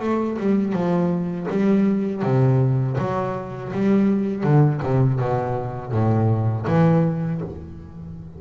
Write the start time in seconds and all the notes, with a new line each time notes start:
0.00 A3
0.39 G3
0.73 F3
1.50 G3
2.23 C3
2.98 F#3
3.72 G3
4.44 D3
4.83 C3
5.20 B2
5.92 A2
6.67 E3